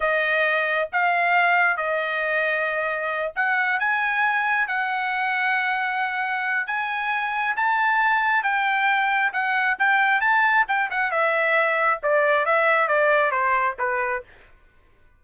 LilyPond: \new Staff \with { instrumentName = "trumpet" } { \time 4/4 \tempo 4 = 135 dis''2 f''2 | dis''2.~ dis''8 fis''8~ | fis''8 gis''2 fis''4.~ | fis''2. gis''4~ |
gis''4 a''2 g''4~ | g''4 fis''4 g''4 a''4 | g''8 fis''8 e''2 d''4 | e''4 d''4 c''4 b'4 | }